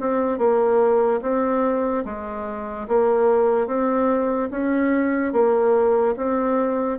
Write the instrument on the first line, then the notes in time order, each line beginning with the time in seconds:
bassoon
0.00 C4
0.38 A#3
1.21 C4
2.05 G#3
2.87 A#3
3.67 C4
4.50 C#4
5.32 A#3
6.16 C4